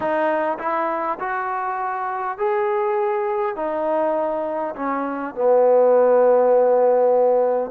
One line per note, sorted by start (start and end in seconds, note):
0.00 0.58 D#4
0.59 1.18 E4
1.19 2.38 F#4
2.38 3.56 G#4
3.56 4.74 D#4
4.75 5.34 C#4
5.34 7.70 B3